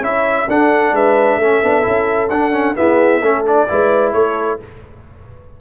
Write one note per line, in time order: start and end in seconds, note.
0.00 0.46 C#4
0.00 0.48 E4
0.00 0.46 C#5
0.00 0.49 E5
0.48 0.92 D4
0.48 1.42 D4
0.48 0.94 A4
0.48 0.95 F#5
0.92 1.37 G#3
0.92 1.38 B4
0.92 2.30 E5
1.37 1.60 A3
1.37 1.63 C#4
1.37 2.75 A4
1.63 1.86 B3
1.63 1.82 D4
1.82 2.30 C#4
1.82 2.28 E4
2.30 2.75 D4
2.30 2.52 D4
2.30 2.75 F#5
2.52 2.75 C#4
2.76 3.21 B3
2.76 3.22 E4
2.76 3.22 G#4
2.76 3.45 E5
3.22 3.67 A3
3.22 3.45 C#4
3.22 3.67 A4
3.45 3.68 D4
3.45 4.13 D5
3.68 4.13 G#3
3.68 4.60 E4
3.68 4.14 B4
4.13 4.59 A3
4.13 4.60 A4
4.13 4.59 C#5